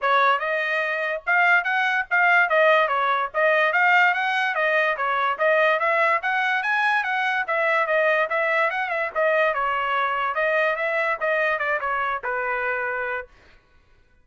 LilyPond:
\new Staff \with { instrumentName = "trumpet" } { \time 4/4 \tempo 4 = 145 cis''4 dis''2 f''4 | fis''4 f''4 dis''4 cis''4 | dis''4 f''4 fis''4 dis''4 | cis''4 dis''4 e''4 fis''4 |
gis''4 fis''4 e''4 dis''4 | e''4 fis''8 e''8 dis''4 cis''4~ | cis''4 dis''4 e''4 dis''4 | d''8 cis''4 b'2~ b'8 | }